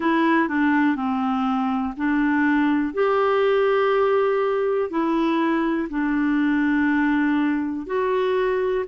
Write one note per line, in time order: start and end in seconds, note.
0.00 0.48 E4
0.48 0.95 D4
0.95 1.94 C4
1.97 2.93 D4
2.93 4.90 G4
4.90 5.88 E4
5.89 7.86 D4
7.86 8.84 F#4